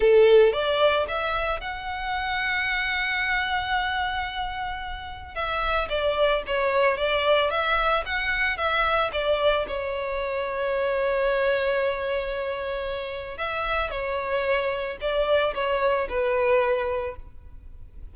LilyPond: \new Staff \with { instrumentName = "violin" } { \time 4/4 \tempo 4 = 112 a'4 d''4 e''4 fis''4~ | fis''1~ | fis''2 e''4 d''4 | cis''4 d''4 e''4 fis''4 |
e''4 d''4 cis''2~ | cis''1~ | cis''4 e''4 cis''2 | d''4 cis''4 b'2 | }